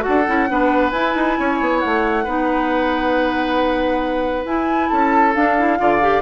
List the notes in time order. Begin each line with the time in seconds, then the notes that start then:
0.00 F#4 A4 F#5
0.07 D4
0.27 C#4 E4
0.48 B3 D4 B4
0.90 E4 G#5
1.15 D#4
1.39 C#4 C#5
1.60 B3
1.79 A3 F#5
2.24 B3 D#4 B4
4.45 E4 G#5
4.88 C#4 A4 A5
5.34 D4 F5
5.57 E4
5.78 D3 F4 D5
6.01 G4